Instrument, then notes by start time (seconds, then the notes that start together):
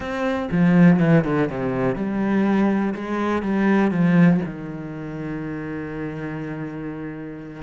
cello
0.00 C4
0.51 F3
0.99 E3
1.24 D3
1.49 C3
1.95 G3
2.94 G#3
3.42 G3
3.91 F3
4.45 D#3